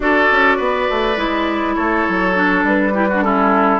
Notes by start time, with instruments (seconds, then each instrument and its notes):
0.00 bassoon D4, clarinet F#4, oboe A4, flute D5
0.31 bassoon C#4
0.57 bassoon B3, oboe B4
0.89 bassoon A3
1.16 bassoon G#3, clarinet E4
1.75 bassoon A3, oboe A4, flute C#5
2.08 bassoon F#3
2.34 clarinet D4
2.63 bassoon G3, flute B4
2.93 clarinet E4, oboe G4
3.08 clarinet D4, oboe F#4
3.22 clarinet C#4, oboe E4, flute A4